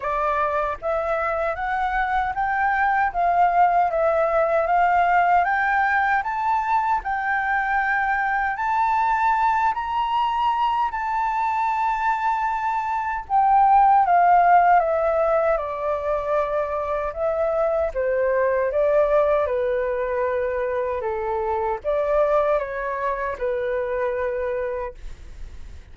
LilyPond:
\new Staff \with { instrumentName = "flute" } { \time 4/4 \tempo 4 = 77 d''4 e''4 fis''4 g''4 | f''4 e''4 f''4 g''4 | a''4 g''2 a''4~ | a''8 ais''4. a''2~ |
a''4 g''4 f''4 e''4 | d''2 e''4 c''4 | d''4 b'2 a'4 | d''4 cis''4 b'2 | }